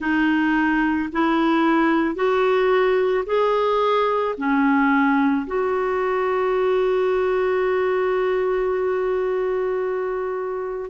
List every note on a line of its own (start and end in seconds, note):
0.00 1.09 D#4
1.12 2.15 E4
2.15 3.24 F#4
3.26 4.35 G#4
4.37 5.46 C#4
5.46 10.90 F#4